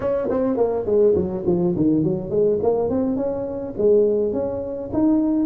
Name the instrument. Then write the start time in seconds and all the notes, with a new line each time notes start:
tuba
0.00 C#4
0.30 C4
0.56 A#3
0.85 G#3
1.15 F#3
1.46 F3
1.75 D#3
2.03 F#3
2.29 G#3
2.62 A#3
2.89 C4
3.16 C#4
3.77 G#3
4.32 C#4
4.93 D#4